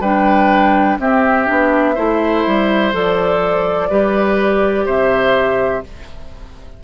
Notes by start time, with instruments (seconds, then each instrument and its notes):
0.00 bassoon G3, clarinet D4, oboe B4, flute G5
0.99 bassoon C4, clarinet C4, oboe G4, flute E5
1.46 bassoon B3, clarinet D4
1.95 bassoon A3, clarinet E4, oboe C5
2.47 bassoon G3
2.93 bassoon F3, clarinet A4, flute D5
3.90 bassoon G3, clarinet G4, oboe B4
4.85 bassoon C3, oboe C5, flute E5